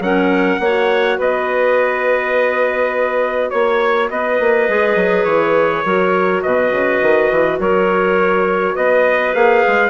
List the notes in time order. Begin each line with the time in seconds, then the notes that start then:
0.00 F#3 C#4 A#4 F#5
0.60 A#3 F#4 C#5
1.18 B3 B4 D#5
3.51 A#3 C#5
4.10 B3 B4 D#5
4.40 A#3
4.69 G#3 G#4
4.96 F#3
5.25 E3 C#5
5.85 F#3 F#4 A#4
6.43 B2 B4 D#5
6.72 C#3
7.02 D#3
7.31 E3
7.59 F#3 A#4 C#5
8.75 B3 B4 D#5
9.35 A#3 G#4 F5
9.68 G#3